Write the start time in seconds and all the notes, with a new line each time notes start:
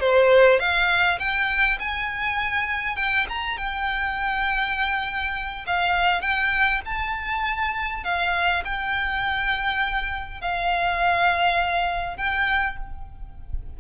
0.00 C5
0.59 F5
1.19 G5
1.79 G#5
2.96 G5
3.29 A#5
3.57 G5
5.67 F5
6.21 G5
6.85 A5
8.04 F5
8.65 G5
10.41 F5
12.17 G5